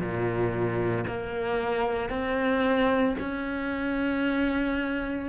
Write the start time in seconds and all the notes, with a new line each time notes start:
0.00 A#2
1.08 A#3
2.10 C4
3.20 C#4